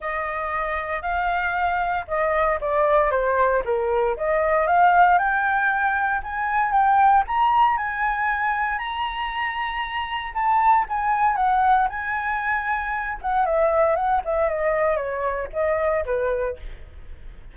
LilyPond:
\new Staff \with { instrumentName = "flute" } { \time 4/4 \tempo 4 = 116 dis''2 f''2 | dis''4 d''4 c''4 ais'4 | dis''4 f''4 g''2 | gis''4 g''4 ais''4 gis''4~ |
gis''4 ais''2. | a''4 gis''4 fis''4 gis''4~ | gis''4. fis''8 e''4 fis''8 e''8 | dis''4 cis''4 dis''4 b'4 | }